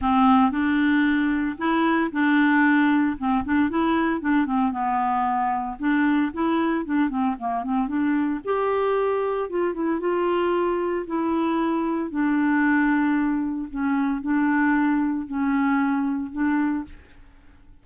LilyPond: \new Staff \with { instrumentName = "clarinet" } { \time 4/4 \tempo 4 = 114 c'4 d'2 e'4 | d'2 c'8 d'8 e'4 | d'8 c'8 b2 d'4 | e'4 d'8 c'8 ais8 c'8 d'4 |
g'2 f'8 e'8 f'4~ | f'4 e'2 d'4~ | d'2 cis'4 d'4~ | d'4 cis'2 d'4 | }